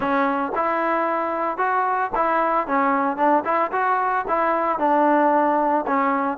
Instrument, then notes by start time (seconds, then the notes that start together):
trombone
0.00 C#4
0.55 E4
1.57 F#4
2.15 E4
2.67 C#4
3.17 D4
3.44 E4
3.72 F#4
4.28 E4
4.79 D4
5.86 C#4